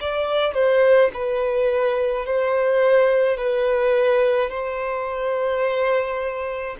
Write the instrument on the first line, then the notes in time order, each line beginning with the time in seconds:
violin
0.00 D5
0.54 C5
1.13 B4
2.25 C5
3.37 B4
4.50 C5